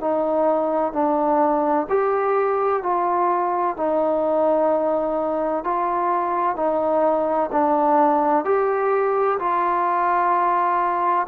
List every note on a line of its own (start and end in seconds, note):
0.00 0.92 D#4
0.92 1.86 D4
1.89 2.83 G4
2.83 3.76 F4
3.76 5.64 D#4
5.64 6.56 F4
6.56 7.50 D#4
7.51 8.45 D4
8.45 9.38 G4
9.39 11.26 F4